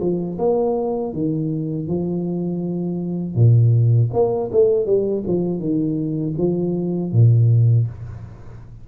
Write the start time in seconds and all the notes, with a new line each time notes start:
0.00 F3
0.38 A#3
1.13 D#3
1.87 F3
3.35 A#2
4.12 A#3
4.51 A3
4.85 G3
5.27 F3
5.59 D#3
6.38 F3
7.12 A#2